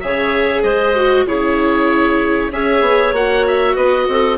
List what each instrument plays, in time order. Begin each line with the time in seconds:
0.00 bassoon C#3, viola G#4, clarinet C#5, oboe E5
0.63 bassoon G#3, clarinet C5, oboe D#5
0.95 viola F#4
1.26 bassoon C#3, viola E4, clarinet G#4, oboe C#5
2.52 bassoon C#4, viola G#4, clarinet C#5, oboe E5
2.81 bassoon B3
3.12 bassoon A#3, viola F#4, oboe F#5
3.47 oboe E5
3.76 bassoon B3, clarinet B4, oboe D#5
4.08 bassoon C4, clarinet A4